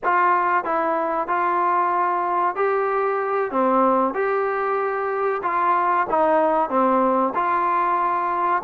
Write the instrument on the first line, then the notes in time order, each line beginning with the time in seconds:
trombone
0.03 F4
0.64 E4
1.27 F4
2.55 G4
3.51 C4
4.14 G4
5.43 F4
6.09 D#4
6.69 C4
7.34 F4